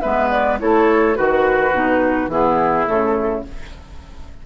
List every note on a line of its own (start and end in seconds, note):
0.00 0.61 G#3
0.00 0.59 B3
0.00 0.59 B4
0.00 0.29 E5
0.30 0.58 D5
0.59 1.17 A3
0.59 1.14 E4
0.59 1.18 A4
0.59 1.15 C#5
1.14 1.72 D#3
1.14 1.71 F#4
1.14 2.30 F#4
1.14 2.30 B4
1.72 2.27 B2
1.72 2.30 D#4
2.27 2.84 E3
2.27 2.86 B3
2.27 3.45 E4
2.27 2.87 G#4
2.86 3.46 C#3
2.86 3.43 A3
2.86 3.45 A4